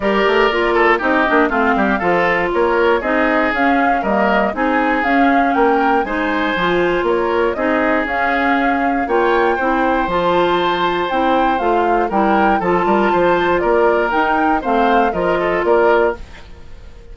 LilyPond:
<<
  \new Staff \with { instrumentName = "flute" } { \time 4/4 \tempo 4 = 119 d''2 dis''4 f''4~ | f''4 cis''4 dis''4 f''4 | dis''4 gis''4 f''4 g''4 | gis''2 cis''4 dis''4 |
f''2 g''2 | a''2 g''4 f''4 | g''4 a''2 d''4 | g''4 f''4 dis''4 d''4 | }
  \new Staff \with { instrumentName = "oboe" } { \time 4/4 ais'4. a'8 g'4 f'8 g'8 | a'4 ais'4 gis'2 | ais'4 gis'2 ais'4 | c''2 ais'4 gis'4~ |
gis'2 cis''4 c''4~ | c''1 | ais'4 a'8 ais'8 c''4 ais'4~ | ais'4 c''4 ais'8 a'8 ais'4 | }
  \new Staff \with { instrumentName = "clarinet" } { \time 4/4 g'4 f'4 dis'8 d'8 c'4 | f'2 dis'4 cis'4 | ais4 dis'4 cis'2 | dis'4 f'2 dis'4 |
cis'2 f'4 e'4 | f'2 e'4 f'4 | e'4 f'2. | dis'4 c'4 f'2 | }
  \new Staff \with { instrumentName = "bassoon" } { \time 4/4 g8 a8 ais4 c'8 ais8 a8 g8 | f4 ais4 c'4 cis'4 | g4 c'4 cis'4 ais4 | gis4 f4 ais4 c'4 |
cis'2 ais4 c'4 | f2 c'4 a4 | g4 f8 g8 f4 ais4 | dis'4 a4 f4 ais4 | }
>>